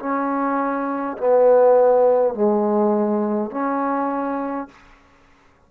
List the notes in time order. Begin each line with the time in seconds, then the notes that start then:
0.00 C#4
1.18 B3
2.35 G#3
3.51 C#4